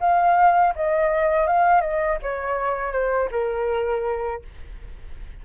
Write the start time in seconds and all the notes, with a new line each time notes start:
0.00 F5
0.75 D#5
1.47 F5
1.81 D#5
2.22 C#5
2.92 C5
3.31 A#4